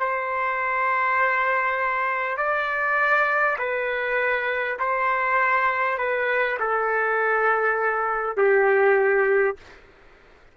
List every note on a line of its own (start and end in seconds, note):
0.00 2.38 C5
2.38 3.58 D5
3.59 4.79 B4
4.79 5.98 C5
5.98 6.58 B4
6.60 8.37 A4
8.37 9.57 G4